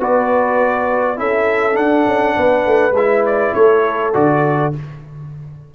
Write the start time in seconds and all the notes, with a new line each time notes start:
0.00 B3 F#4 B4 D5
1.16 C#4 E4 A4 E5
1.73 D4 F#5
2.07 C#4
2.37 B3 B4
2.66 A3
2.92 G#3 E4 E5
3.26 D5
3.54 A3 A4 C#5
4.13 D3 F#4 D5